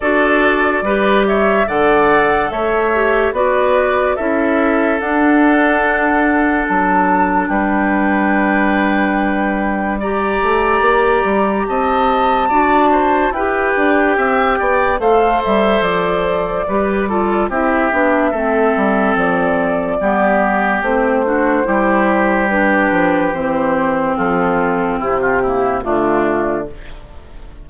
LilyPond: <<
  \new Staff \with { instrumentName = "flute" } { \time 4/4 \tempo 4 = 72 d''4. e''8 fis''4 e''4 | d''4 e''4 fis''2 | a''4 g''2. | ais''2 a''2 |
g''2 f''8 e''8 d''4~ | d''4 e''2 d''4~ | d''4 c''2 b'4 | c''4 a'4 g'4 f'4 | }
  \new Staff \with { instrumentName = "oboe" } { \time 4/4 a'4 b'8 cis''8 d''4 cis''4 | b'4 a'2.~ | a'4 b'2. | d''2 dis''4 d''8 c''8 |
b'4 e''8 d''8 c''2 | b'8 a'8 g'4 a'2 | g'4. fis'8 g'2~ | g'4 f'4 e'16 f'16 e'8 d'4 | }
  \new Staff \with { instrumentName = "clarinet" } { \time 4/4 fis'4 g'4 a'4. g'8 | fis'4 e'4 d'2~ | d'1 | g'2. fis'4 |
g'2 a'2 | g'8 f'8 e'8 d'8 c'2 | b4 c'8 d'8 e'4 d'4 | c'2~ c'8 ais8 a4 | }
  \new Staff \with { instrumentName = "bassoon" } { \time 4/4 d'4 g4 d4 a4 | b4 cis'4 d'2 | fis4 g2.~ | g8 a8 ais8 g8 c'4 d'4 |
e'8 d'8 c'8 b8 a8 g8 f4 | g4 c'8 b8 a8 g8 f4 | g4 a4 g4. f8 | e4 f4 c4 d4 | }
>>